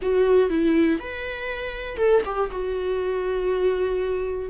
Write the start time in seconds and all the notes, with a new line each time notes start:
0.02 F#4
0.49 E4
0.99 B4
1.97 A4
2.25 G4
2.51 F#4